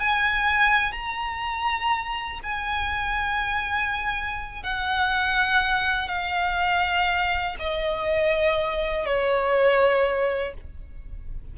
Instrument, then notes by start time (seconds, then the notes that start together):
violin
0.00 G#5
0.92 A#5
2.43 G#5
4.64 F#5
6.08 F5
7.60 D#5
9.06 C#5